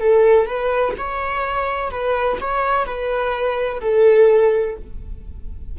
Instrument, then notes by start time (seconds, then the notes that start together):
viola
0.00 A4
0.46 B4
0.98 C#5
1.91 B4
2.41 C#5
2.85 B4
3.81 A4